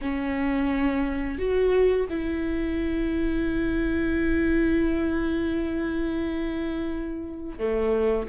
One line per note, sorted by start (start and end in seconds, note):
0.01 1.38 C#4
1.38 2.07 F#4
2.09 7.58 E4
7.58 8.27 A3